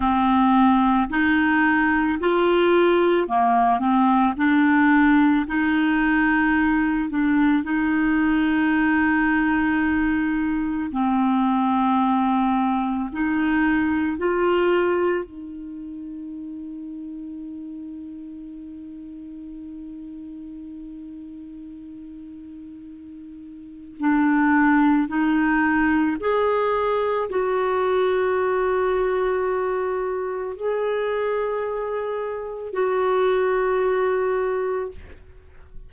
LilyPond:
\new Staff \with { instrumentName = "clarinet" } { \time 4/4 \tempo 4 = 55 c'4 dis'4 f'4 ais8 c'8 | d'4 dis'4. d'8 dis'4~ | dis'2 c'2 | dis'4 f'4 dis'2~ |
dis'1~ | dis'2 d'4 dis'4 | gis'4 fis'2. | gis'2 fis'2 | }